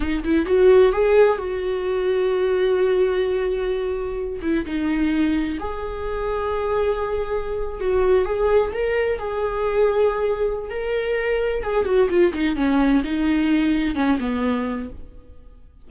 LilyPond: \new Staff \with { instrumentName = "viola" } { \time 4/4 \tempo 4 = 129 dis'8 e'8 fis'4 gis'4 fis'4~ | fis'1~ | fis'4. e'8 dis'2 | gis'1~ |
gis'8. fis'4 gis'4 ais'4 gis'16~ | gis'2. ais'4~ | ais'4 gis'8 fis'8 f'8 dis'8 cis'4 | dis'2 cis'8 b4. | }